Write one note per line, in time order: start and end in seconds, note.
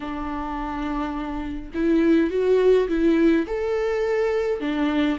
0.00 1.71 D4
1.74 2.30 E4
2.30 2.87 F#4
2.88 3.46 E4
3.46 4.60 A4
4.60 5.18 D4